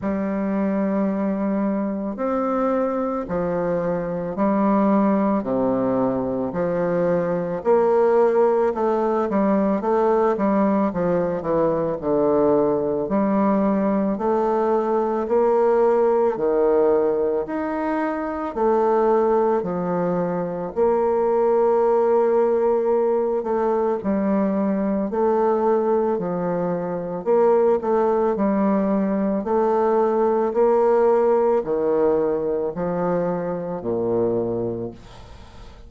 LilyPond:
\new Staff \with { instrumentName = "bassoon" } { \time 4/4 \tempo 4 = 55 g2 c'4 f4 | g4 c4 f4 ais4 | a8 g8 a8 g8 f8 e8 d4 | g4 a4 ais4 dis4 |
dis'4 a4 f4 ais4~ | ais4. a8 g4 a4 | f4 ais8 a8 g4 a4 | ais4 dis4 f4 ais,4 | }